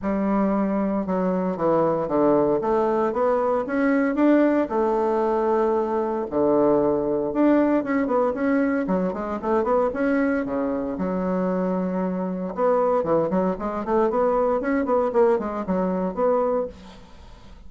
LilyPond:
\new Staff \with { instrumentName = "bassoon" } { \time 4/4 \tempo 4 = 115 g2 fis4 e4 | d4 a4 b4 cis'4 | d'4 a2. | d2 d'4 cis'8 b8 |
cis'4 fis8 gis8 a8 b8 cis'4 | cis4 fis2. | b4 e8 fis8 gis8 a8 b4 | cis'8 b8 ais8 gis8 fis4 b4 | }